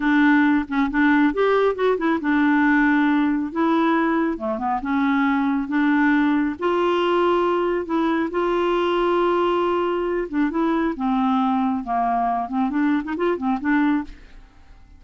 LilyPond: \new Staff \with { instrumentName = "clarinet" } { \time 4/4 \tempo 4 = 137 d'4. cis'8 d'4 g'4 | fis'8 e'8 d'2. | e'2 a8 b8 cis'4~ | cis'4 d'2 f'4~ |
f'2 e'4 f'4~ | f'2.~ f'8 d'8 | e'4 c'2 ais4~ | ais8 c'8 d'8. dis'16 f'8 c'8 d'4 | }